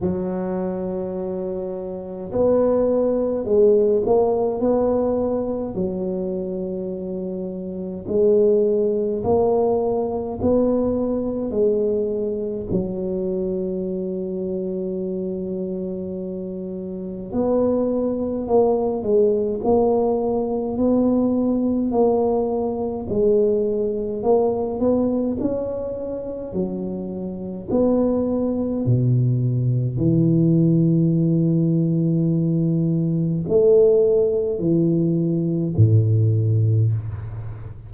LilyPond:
\new Staff \with { instrumentName = "tuba" } { \time 4/4 \tempo 4 = 52 fis2 b4 gis8 ais8 | b4 fis2 gis4 | ais4 b4 gis4 fis4~ | fis2. b4 |
ais8 gis8 ais4 b4 ais4 | gis4 ais8 b8 cis'4 fis4 | b4 b,4 e2~ | e4 a4 e4 a,4 | }